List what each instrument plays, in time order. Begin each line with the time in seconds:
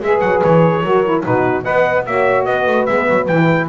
0.00 double bass G#3, saxophone G#4, horn B4, trumpet E5
0.20 double bass F#3, trumpet F#5
0.42 double bass E3, trumpet C#5
0.83 double bass F#3, saxophone F#4, horn A#4
1.04 saxophone E4
1.22 double bass B2, saxophone D#4, horn F#4, trumpet B4
1.63 double bass B3, saxophone B4, horn D#5, trumpet F#5
2.05 double bass A#3, saxophone F#4, horn C#5, trumpet E5
2.45 double bass B3, horn B4, trumpet D#5
2.66 double bass A3
2.86 double bass G#3, saxophone B3, trumpet E5
3.09 double bass F#3
3.27 double bass E3, saxophone E4, trumpet G5